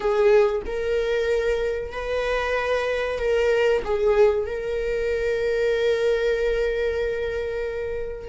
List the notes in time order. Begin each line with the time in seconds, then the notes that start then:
0.00 G#4
0.66 A#4
1.91 B4
3.19 A#4
3.84 G#4
4.46 A#4